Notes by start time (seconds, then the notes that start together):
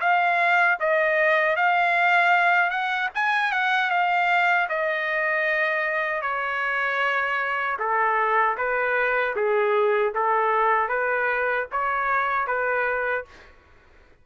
0.00 F5
0.79 D#5
1.56 F5
2.70 F#5
3.15 G#5
3.52 F#5
3.90 F5
4.69 D#5
6.22 C#5
7.79 A4
8.57 B4
9.35 G#4
10.14 A4
10.88 B4
11.72 C#5
12.47 B4